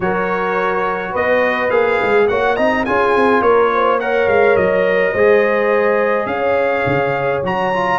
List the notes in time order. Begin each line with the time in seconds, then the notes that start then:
0.00 F#3 F#4 A#4 C#5
1.11 B3 B4 D#5
1.70 A#3 G#4 F5
2.02 G#3
2.27 A#3 F#4 C#5 F#5
2.55 C4 D#4 D#5 A#5
2.85 C#4 F4 G#4 G#5
3.15 C4
3.41 A#3 A#4 C#5
3.74 C5
4.00 A#4 C#5 F#5
4.27 G#3 F5
4.56 F#3 D#5
5.12 G#3 G#4 C5
6.26 C#4 C#5 F5
6.86 C#3
7.43 F#3 F#4 A#5
7.73 F4